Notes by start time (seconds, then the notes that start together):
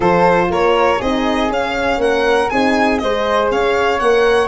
0.00 F3 F4 A4 C5
0.49 A#3 A#4 C#5
0.98 C4 D#4 G#4 D#5
1.49 C#4 F5
1.97 A#3 A#4 F#5
2.49 C4 D#4 G#4 G#5
2.98 G#3 G#4 C5 D#5
3.51 C#4 C#5 F5
3.99 A#3 A#4 F#5